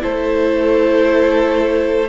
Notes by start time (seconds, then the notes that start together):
0.00 A3 E4 A4 C5